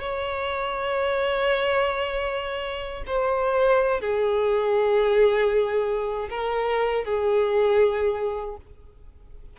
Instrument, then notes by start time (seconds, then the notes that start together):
violin
0.00 C#5
3.07 C5
4.00 G#4
6.30 A#4
7.05 G#4